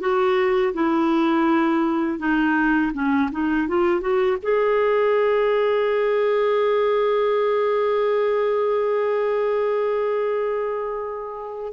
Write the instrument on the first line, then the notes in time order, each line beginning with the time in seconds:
clarinet
0.00 F#4
0.74 E4
2.19 D#4
2.93 C#4
3.32 D#4
3.68 F4
4.01 F#4
4.43 G#4